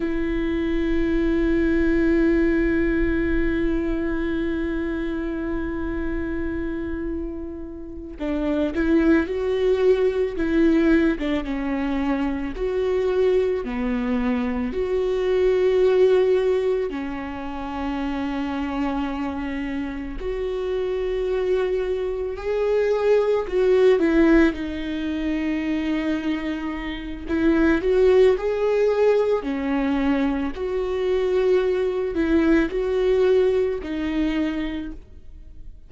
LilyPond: \new Staff \with { instrumentName = "viola" } { \time 4/4 \tempo 4 = 55 e'1~ | e'2.~ e'8 d'8 | e'8 fis'4 e'8. d'16 cis'4 fis'8~ | fis'8 b4 fis'2 cis'8~ |
cis'2~ cis'8 fis'4.~ | fis'8 gis'4 fis'8 e'8 dis'4.~ | dis'4 e'8 fis'8 gis'4 cis'4 | fis'4. e'8 fis'4 dis'4 | }